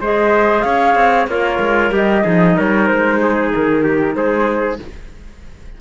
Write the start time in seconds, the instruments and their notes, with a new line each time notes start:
0.00 cello G#3, clarinet G#4, trumpet C5, flute D#5
0.61 cello C#4, trumpet C#5, flute F5
0.95 cello C4
1.27 cello A#3, trumpet F4, clarinet A#4, flute C#5
1.59 cello G#3
1.91 cello G3, trumpet G4, flute D#5
2.23 cello F3, clarinet D#4, trumpet G#4
2.56 cello G3, trumpet A#4, flute C#5
2.86 cello G#3, flute C5
3.22 trumpet G#4
3.54 cello D#3, flute A#4
3.83 trumpet G4
4.15 cello G#3, trumpet G#4, flute C5